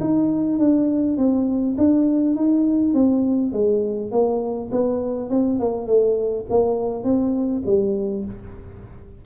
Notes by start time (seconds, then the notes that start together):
0.00 D#4
0.58 D4
1.17 C4
1.78 D4
2.35 D#4
2.94 C4
3.52 G#3
4.11 A#3
4.71 B3
5.30 C4
5.59 A#3
5.86 A3
6.49 A#3
7.03 C4
7.66 G3